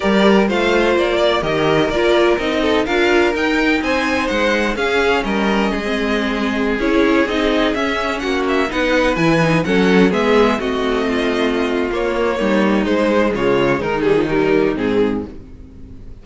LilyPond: <<
  \new Staff \with { instrumentName = "violin" } { \time 4/4 \tempo 4 = 126 d''4 f''4 d''4 dis''4 | d''4 dis''4 f''4 g''4 | gis''4 fis''4 f''4 dis''4~ | dis''2~ dis''16 cis''4 dis''8.~ |
dis''16 e''4 fis''8 e''8 fis''4 gis''8.~ | gis''16 fis''4 e''4 dis''4.~ dis''16~ | dis''4 cis''2 c''4 | cis''4 ais'8 gis'8 ais'4 gis'4 | }
  \new Staff \with { instrumentName = "violin" } { \time 4/4 ais'4 c''4. d''8 ais'4~ | ais'4. a'8 ais'2 | c''2 gis'4 ais'4 | gis'1~ |
gis'4~ gis'16 fis'4 b'4.~ b'16~ | b'16 a'4 gis'4 fis'4 f'8.~ | f'2 dis'2 | f'4 dis'2. | }
  \new Staff \with { instrumentName = "viola" } { \time 4/4 g'4 f'2 g'4 | f'4 dis'4 f'4 dis'4~ | dis'2 cis'2~ | cis'16 c'2 e'4 dis'8.~ |
dis'16 cis'2 dis'4 e'8 dis'16~ | dis'16 cis'4 b4 c'4.~ c'16~ | c'4 ais2 gis4~ | gis4. g16 f16 g4 c'4 | }
  \new Staff \with { instrumentName = "cello" } { \time 4/4 g4 a4 ais4 dis4 | ais4 c'4 d'4 dis'4 | c'4 gis4 cis'4 g4 | gis2~ gis16 cis'4 c'8.~ |
c'16 cis'4 ais4 b4 e8.~ | e16 fis4 gis4 a4.~ a16~ | a4 ais4 g4 gis4 | cis4 dis2 gis,4 | }
>>